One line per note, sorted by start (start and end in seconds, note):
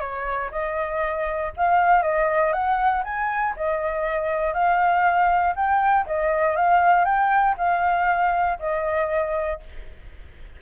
0.00 0.50 C#5
0.52 1.52 D#5
1.57 2.03 F5
2.03 2.53 D#5
2.53 3.03 F#5
3.04 3.55 G#5
3.57 4.54 D#5
4.54 5.55 F5
5.56 6.06 G5
6.07 6.56 D#5
6.56 7.05 F5
7.05 7.56 G5
7.58 8.59 F5
8.59 9.60 D#5